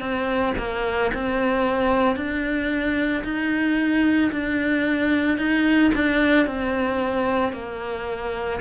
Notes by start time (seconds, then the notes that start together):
0.00 C4
0.58 A#3
1.14 C4
2.17 D4
3.24 D#4
4.32 D4
5.38 D#4
5.95 D4
6.46 C4
7.53 A#3